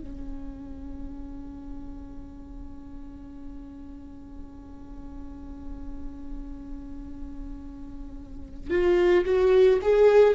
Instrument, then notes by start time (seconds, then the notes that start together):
viola
0.00 C#4
8.70 F4
9.25 F#4
9.82 G#4